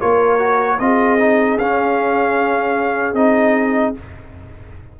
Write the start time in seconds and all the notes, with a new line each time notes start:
0.00 A#3 F4 A#4 C#5
0.39 F#4
0.79 C4 F4 G#4 D#5
1.19 D#4
1.56 C#4 F5
3.14 C4 D#4 D#5